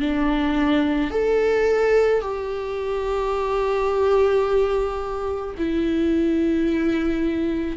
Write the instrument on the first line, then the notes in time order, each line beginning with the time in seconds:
viola
0.00 D4
1.11 A4
2.22 G4
5.58 E4